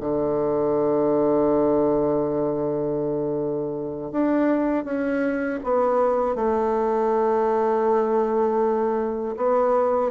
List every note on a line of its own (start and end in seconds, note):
0.00 4.12 D3
4.12 4.85 D4
4.85 5.60 C#4
5.64 6.35 B3
6.35 9.35 A3
9.36 10.11 B3